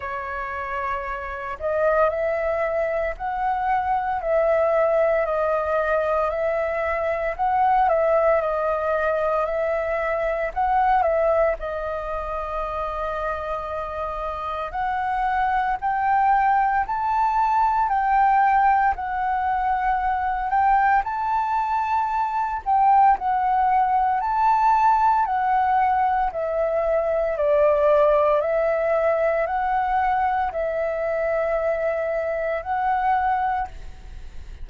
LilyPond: \new Staff \with { instrumentName = "flute" } { \time 4/4 \tempo 4 = 57 cis''4. dis''8 e''4 fis''4 | e''4 dis''4 e''4 fis''8 e''8 | dis''4 e''4 fis''8 e''8 dis''4~ | dis''2 fis''4 g''4 |
a''4 g''4 fis''4. g''8 | a''4. g''8 fis''4 a''4 | fis''4 e''4 d''4 e''4 | fis''4 e''2 fis''4 | }